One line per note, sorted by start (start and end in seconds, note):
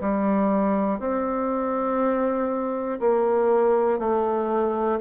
0.00 0.99 G3
0.99 2.99 C4
3.00 3.99 A#3
3.99 4.99 A3